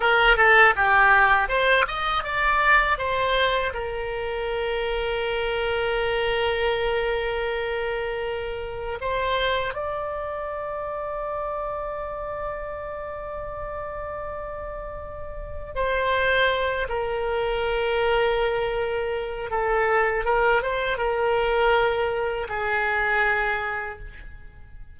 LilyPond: \new Staff \with { instrumentName = "oboe" } { \time 4/4 \tempo 4 = 80 ais'8 a'8 g'4 c''8 dis''8 d''4 | c''4 ais'2.~ | ais'1 | c''4 d''2.~ |
d''1~ | d''4 c''4. ais'4.~ | ais'2 a'4 ais'8 c''8 | ais'2 gis'2 | }